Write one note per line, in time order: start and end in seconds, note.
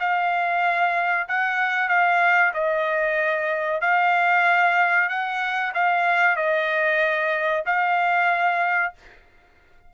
0.00 1.28 F5
1.29 1.89 F#5
1.89 2.53 F5
2.54 3.82 D#5
3.82 5.09 F5
5.09 5.73 F#5
5.74 6.37 F5
6.37 7.64 D#5
7.66 8.94 F5